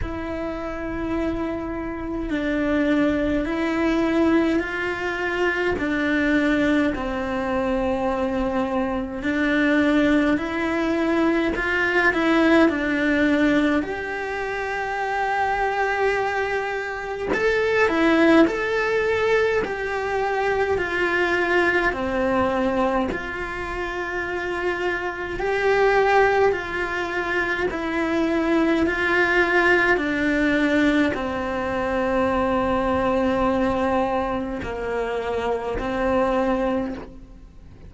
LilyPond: \new Staff \with { instrumentName = "cello" } { \time 4/4 \tempo 4 = 52 e'2 d'4 e'4 | f'4 d'4 c'2 | d'4 e'4 f'8 e'8 d'4 | g'2. a'8 e'8 |
a'4 g'4 f'4 c'4 | f'2 g'4 f'4 | e'4 f'4 d'4 c'4~ | c'2 ais4 c'4 | }